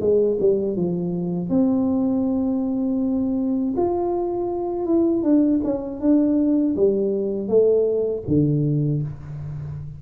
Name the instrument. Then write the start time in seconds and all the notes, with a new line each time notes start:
tuba
0.00 G#3
0.40 G3
0.76 F3
1.49 C4
3.76 F4
4.85 E4
5.23 D4
5.64 C#4
6.00 D4
6.76 G3
7.48 A3
8.27 D3